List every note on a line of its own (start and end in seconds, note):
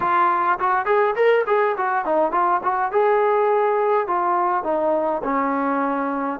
0.00 0.58 F4
0.59 0.85 F#4
0.85 1.14 G#4
1.15 1.44 A#4
1.46 1.76 G#4
1.77 2.05 F#4
2.05 2.31 D#4
2.31 2.60 F4
2.63 2.91 F#4
2.91 4.07 G#4
4.07 4.63 F4
4.63 5.21 D#4
5.23 6.39 C#4